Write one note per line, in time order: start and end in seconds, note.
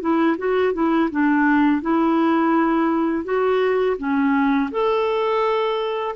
0.00 0.36 E4
0.37 0.73 F#4
0.73 1.09 E4
1.11 1.81 D4
1.81 3.24 E4
3.24 3.96 F#4
3.97 4.70 C#4
4.71 6.15 A4